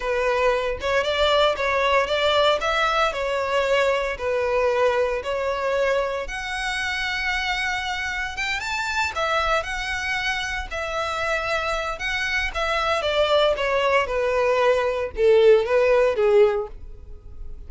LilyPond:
\new Staff \with { instrumentName = "violin" } { \time 4/4 \tempo 4 = 115 b'4. cis''8 d''4 cis''4 | d''4 e''4 cis''2 | b'2 cis''2 | fis''1 |
g''8 a''4 e''4 fis''4.~ | fis''8 e''2~ e''8 fis''4 | e''4 d''4 cis''4 b'4~ | b'4 a'4 b'4 gis'4 | }